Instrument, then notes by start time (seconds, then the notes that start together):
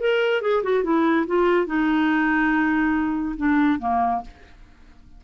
clarinet
0.00 A#4
0.41 G#4
0.63 F#4
0.83 E4
1.27 F4
1.66 D#4
3.37 D4
3.79 A#3